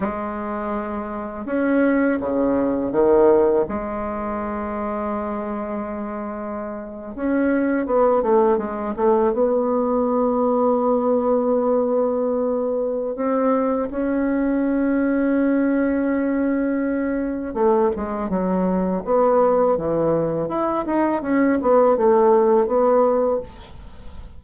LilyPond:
\new Staff \with { instrumentName = "bassoon" } { \time 4/4 \tempo 4 = 82 gis2 cis'4 cis4 | dis4 gis2.~ | gis4.~ gis16 cis'4 b8 a8 gis16~ | gis16 a8 b2.~ b16~ |
b2 c'4 cis'4~ | cis'1 | a8 gis8 fis4 b4 e4 | e'8 dis'8 cis'8 b8 a4 b4 | }